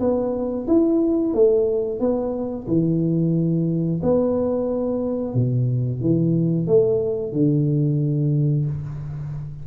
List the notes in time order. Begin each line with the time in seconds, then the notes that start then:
0.00 B3
0.68 E4
1.34 A3
2.00 B3
2.68 E3
4.02 B3
5.34 B2
6.01 E3
6.67 A3
7.32 D3